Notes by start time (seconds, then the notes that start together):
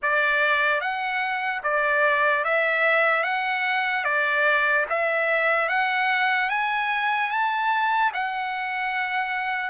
0.02 D5
0.81 F#5
1.63 D5
2.44 E5
3.23 F#5
4.04 D5
4.89 E5
5.69 F#5
6.49 G#5
7.30 A5
8.13 F#5